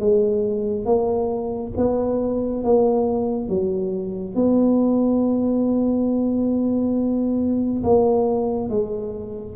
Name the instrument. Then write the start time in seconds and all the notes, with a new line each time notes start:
tuba
0.00 G#3
0.86 A#3
1.77 B3
2.64 A#3
3.49 F#3
4.35 B3
7.83 A#3
8.70 G#3